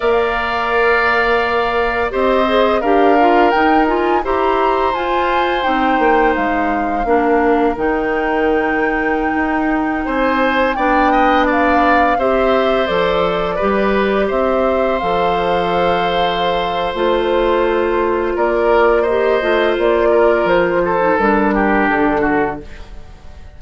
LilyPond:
<<
  \new Staff \with { instrumentName = "flute" } { \time 4/4 \tempo 4 = 85 f''2. dis''4 | f''4 g''8 gis''8 ais''4 gis''4 | g''4 f''2 g''4~ | g''2~ g''16 gis''4 g''8.~ |
g''16 f''4 e''4 d''4.~ d''16~ | d''16 e''4 f''2~ f''8. | c''2 d''4 dis''4 | d''4 c''4 ais'4 a'4 | }
  \new Staff \with { instrumentName = "oboe" } { \time 4/4 d''2. c''4 | ais'2 c''2~ | c''2 ais'2~ | ais'2~ ais'16 c''4 d''8 dis''16~ |
dis''16 d''4 c''2 b'8.~ | b'16 c''2.~ c''8.~ | c''2 ais'4 c''4~ | c''8 ais'4 a'4 g'4 fis'8 | }
  \new Staff \with { instrumentName = "clarinet" } { \time 4/4 ais'2. g'8 gis'8 | g'8 f'8 dis'8 f'8 g'4 f'4 | dis'2 d'4 dis'4~ | dis'2.~ dis'16 d'8.~ |
d'4~ d'16 g'4 a'4 g'8.~ | g'4~ g'16 a'2~ a'8. | f'2. g'8 f'8~ | f'4.~ f'16 dis'16 d'2 | }
  \new Staff \with { instrumentName = "bassoon" } { \time 4/4 ais2. c'4 | d'4 dis'4 e'4 f'4 | c'8 ais8 gis4 ais4 dis4~ | dis4~ dis16 dis'4 c'4 b8.~ |
b4~ b16 c'4 f4 g8.~ | g16 c'4 f2~ f8. | a2 ais4. a8 | ais4 f4 g4 d4 | }
>>